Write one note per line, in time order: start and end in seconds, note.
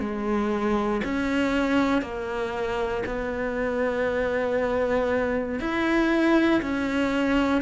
0.00 1.02 G#3
1.04 2.02 C#4
2.02 3.04 A#3
3.06 5.60 B3
5.60 6.62 E4
6.62 7.62 C#4